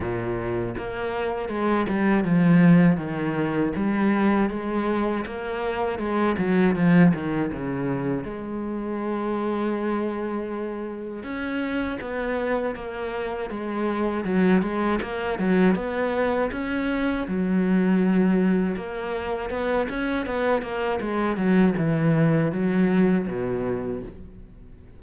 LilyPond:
\new Staff \with { instrumentName = "cello" } { \time 4/4 \tempo 4 = 80 ais,4 ais4 gis8 g8 f4 | dis4 g4 gis4 ais4 | gis8 fis8 f8 dis8 cis4 gis4~ | gis2. cis'4 |
b4 ais4 gis4 fis8 gis8 | ais8 fis8 b4 cis'4 fis4~ | fis4 ais4 b8 cis'8 b8 ais8 | gis8 fis8 e4 fis4 b,4 | }